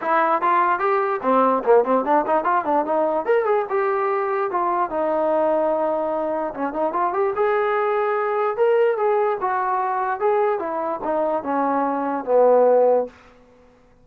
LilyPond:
\new Staff \with { instrumentName = "trombone" } { \time 4/4 \tempo 4 = 147 e'4 f'4 g'4 c'4 | ais8 c'8 d'8 dis'8 f'8 d'8 dis'4 | ais'8 gis'8 g'2 f'4 | dis'1 |
cis'8 dis'8 f'8 g'8 gis'2~ | gis'4 ais'4 gis'4 fis'4~ | fis'4 gis'4 e'4 dis'4 | cis'2 b2 | }